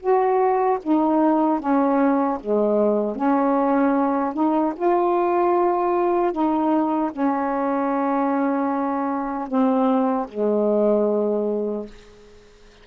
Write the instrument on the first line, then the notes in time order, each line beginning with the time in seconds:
saxophone
0.00 F#4
0.83 D#4
1.60 C#4
2.40 G#3
3.16 C#4
4.34 D#4
4.76 F4
6.32 D#4
7.12 C#4
9.48 C4
10.29 G#3